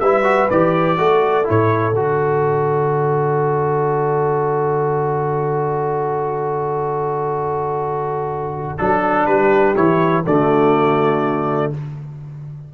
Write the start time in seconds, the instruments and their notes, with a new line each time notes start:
0.00 tuba G3, trombone E4, horn B4, trumpet E5
0.24 trombone F#4
0.50 tuba E3, trombone G4, trumpet D5
0.98 tuba A3, trombone F#4, horn A4
1.44 tuba A2, trombone E4, trumpet C#5
1.93 tuba D3, trombone F#4, trumpet D5
8.77 tuba F#3, trombone D4, trumpet A4
9.26 tuba G3, horn G4, trumpet B4
9.75 tuba E3, trombone E4, trumpet C#5
10.26 tuba D3, trombone A3, horn F#4, trumpet D5